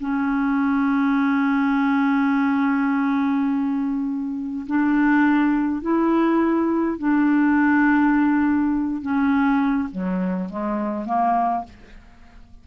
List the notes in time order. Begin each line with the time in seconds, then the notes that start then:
0.00 C#4
4.67 D4
5.82 E4
6.98 D4
9.02 C#4
9.92 F#3
10.50 G#3
11.06 A#3